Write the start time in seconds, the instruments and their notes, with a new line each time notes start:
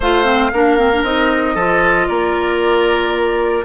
0.00 bassoon A3, clarinet F4, oboe C5, flute F5
0.24 clarinet C4
0.52 bassoon A#3, clarinet D4, oboe A#4
0.78 clarinet C4
0.93 clarinet D4
1.03 bassoon C4, clarinet D#4, flute D#5
1.54 bassoon F3, clarinet F4, oboe A4
2.08 bassoon A#3, oboe A#4, flute D5